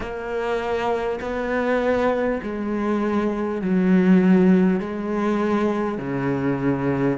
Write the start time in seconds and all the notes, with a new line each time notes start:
0.00 A#3
1.21 B3
2.42 G#3
3.61 F#3
4.80 G#3
5.98 C#3